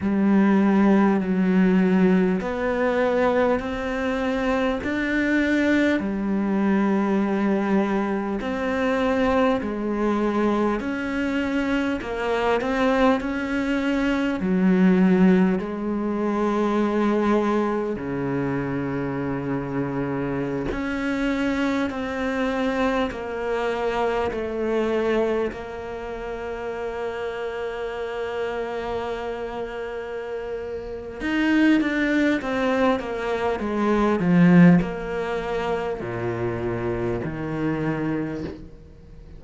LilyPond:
\new Staff \with { instrumentName = "cello" } { \time 4/4 \tempo 4 = 50 g4 fis4 b4 c'4 | d'4 g2 c'4 | gis4 cis'4 ais8 c'8 cis'4 | fis4 gis2 cis4~ |
cis4~ cis16 cis'4 c'4 ais8.~ | ais16 a4 ais2~ ais8.~ | ais2 dis'8 d'8 c'8 ais8 | gis8 f8 ais4 ais,4 dis4 | }